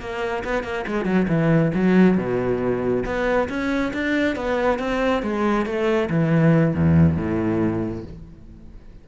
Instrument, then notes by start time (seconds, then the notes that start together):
cello
0.00 A#3
0.44 B3
0.63 A#3
0.87 G#3
1.05 F#3
1.28 E3
1.74 F#3
2.17 B2
3.05 B3
3.49 C#4
3.93 D4
4.36 B3
4.79 C4
5.23 G#3
5.65 A3
6.10 E3
6.75 E2
7.17 A2